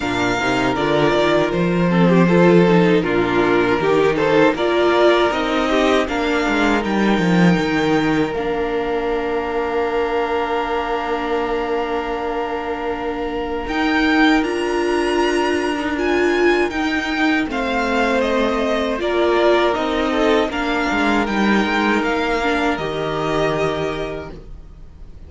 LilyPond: <<
  \new Staff \with { instrumentName = "violin" } { \time 4/4 \tempo 4 = 79 f''4 d''4 c''2 | ais'4. c''8 d''4 dis''4 | f''4 g''2 f''4~ | f''1~ |
f''2 g''4 ais''4~ | ais''4 gis''4 g''4 f''4 | dis''4 d''4 dis''4 f''4 | g''4 f''4 dis''2 | }
  \new Staff \with { instrumentName = "violin" } { \time 4/4 ais'2~ ais'8 a'16 g'16 a'4 | f'4 g'8 a'8 ais'4. g'8 | ais'1~ | ais'1~ |
ais'1~ | ais'2. c''4~ | c''4 ais'4. a'8 ais'4~ | ais'1 | }
  \new Staff \with { instrumentName = "viola" } { \time 4/4 d'8 dis'8 f'4. c'8 f'8 dis'8 | d'4 dis'4 f'4 dis'4 | d'4 dis'2 d'4~ | d'1~ |
d'2 dis'4 f'4~ | f'8. dis'16 f'4 dis'4 c'4~ | c'4 f'4 dis'4 d'4 | dis'4. d'8 g'2 | }
  \new Staff \with { instrumentName = "cello" } { \time 4/4 ais,8 c8 d8 dis8 f2 | ais,4 dis4 ais4 c'4 | ais8 gis8 g8 f8 dis4 ais4~ | ais1~ |
ais2 dis'4 d'4~ | d'2 dis'4 a4~ | a4 ais4 c'4 ais8 gis8 | g8 gis8 ais4 dis2 | }
>>